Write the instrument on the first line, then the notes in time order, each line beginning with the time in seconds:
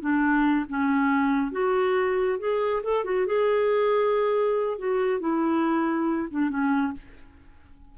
clarinet
0.00 D4
0.68 C#4
1.51 F#4
2.39 G#4
2.83 A4
3.04 F#4
3.26 G#4
4.78 F#4
5.20 E4
6.30 D4
6.49 C#4